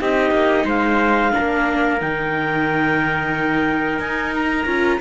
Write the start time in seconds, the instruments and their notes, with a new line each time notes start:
0.00 cello C4, viola D#4, trumpet G4, clarinet D#5
0.31 cello A#3
0.65 cello G#3, trumpet C5, clarinet F5
1.32 viola D4, trumpet A#4
1.39 cello A#3
2.01 cello D#3, viola D#4, clarinet G5
3.99 cello D#4, clarinet G#5
4.34 clarinet A#5
4.66 cello C#4, viola F4